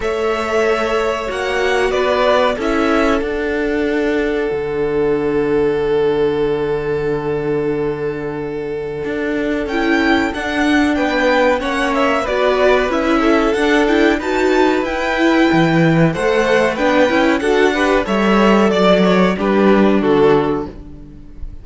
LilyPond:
<<
  \new Staff \with { instrumentName = "violin" } { \time 4/4 \tempo 4 = 93 e''2 fis''4 d''4 | e''4 fis''2.~ | fis''1~ | fis''2. g''4 |
fis''4 g''4 fis''8 e''8 d''4 | e''4 fis''8 g''8 a''4 g''4~ | g''4 fis''4 g''4 fis''4 | e''4 d''8 cis''8 b'4 a'4 | }
  \new Staff \with { instrumentName = "violin" } { \time 4/4 cis''2. b'4 | a'1~ | a'1~ | a'1~ |
a'4 b'4 cis''4 b'4~ | b'8 a'4. b'2~ | b'4 c''4 b'4 a'8 b'8 | cis''4 d''4 g'4 fis'4 | }
  \new Staff \with { instrumentName = "viola" } { \time 4/4 a'2 fis'2 | e'4 d'2.~ | d'1~ | d'2. e'4 |
d'2 cis'4 fis'4 | e'4 d'8 e'8 fis'4 e'4~ | e'4 a'4 d'8 e'8 fis'8 g'8 | a'2 d'2 | }
  \new Staff \with { instrumentName = "cello" } { \time 4/4 a2 ais4 b4 | cis'4 d'2 d4~ | d1~ | d2 d'4 cis'4 |
d'4 b4 ais4 b4 | cis'4 d'4 dis'4 e'4 | e4 a4 b8 cis'8 d'4 | g4 fis4 g4 d4 | }
>>